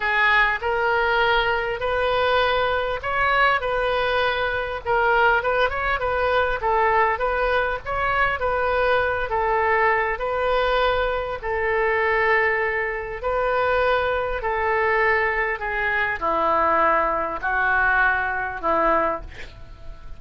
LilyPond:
\new Staff \with { instrumentName = "oboe" } { \time 4/4 \tempo 4 = 100 gis'4 ais'2 b'4~ | b'4 cis''4 b'2 | ais'4 b'8 cis''8 b'4 a'4 | b'4 cis''4 b'4. a'8~ |
a'4 b'2 a'4~ | a'2 b'2 | a'2 gis'4 e'4~ | e'4 fis'2 e'4 | }